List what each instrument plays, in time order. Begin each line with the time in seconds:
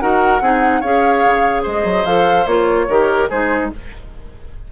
0.00 bassoon D#4, clarinet F#4, oboe A#4, flute F#5
0.40 bassoon C4, clarinet D#4, oboe G#4
0.81 bassoon C#4, clarinet G#4, oboe C#5, flute F5
1.25 bassoon C#3
1.63 bassoon G#3, oboe C5, flute D#5
1.84 bassoon F#3
2.05 bassoon F3, clarinet A4, flute F5
2.46 bassoon A#3, clarinet F4, flute C#5
2.89 bassoon D#3, clarinet G4, oboe A#4
3.29 bassoon G#3, clarinet D#4, oboe G#4, flute C5